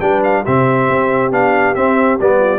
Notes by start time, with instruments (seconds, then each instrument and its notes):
0.00 tuba G3, trombone D4, horn B4, trumpet G5
0.24 trumpet F5
0.41 tuba C3, trombone C4, horn G4, trumpet E5
0.89 tuba C4
1.31 tuba B3, trombone D4, trumpet F5
1.75 tuba C4, trombone C4, trumpet E5
2.20 tuba G3, trombone B3, trumpet D5
2.39 horn F4